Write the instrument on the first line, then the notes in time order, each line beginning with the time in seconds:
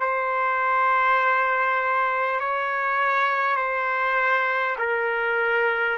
trumpet
0.00 C5
2.40 C#5
3.56 C5
4.78 A#4